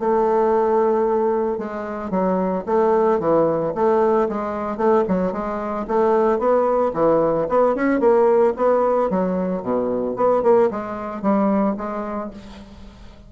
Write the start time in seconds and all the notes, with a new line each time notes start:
0.00 A3
1.58 G#3
2.11 F#3
2.66 A3
3.20 E3
3.75 A3
4.29 G#3
4.77 A3
5.08 F#3
5.33 G#3
5.88 A3
6.39 B3
6.94 E3
7.49 B3
7.76 C#4
8.00 A#3
8.56 B3
9.10 F#3
9.63 B2
10.16 B3
10.43 A#3
10.71 G#3
11.22 G3
11.77 G#3